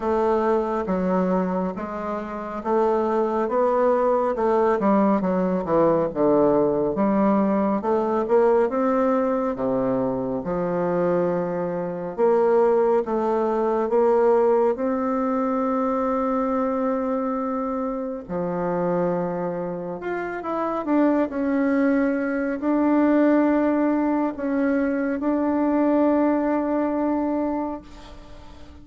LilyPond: \new Staff \with { instrumentName = "bassoon" } { \time 4/4 \tempo 4 = 69 a4 fis4 gis4 a4 | b4 a8 g8 fis8 e8 d4 | g4 a8 ais8 c'4 c4 | f2 ais4 a4 |
ais4 c'2.~ | c'4 f2 f'8 e'8 | d'8 cis'4. d'2 | cis'4 d'2. | }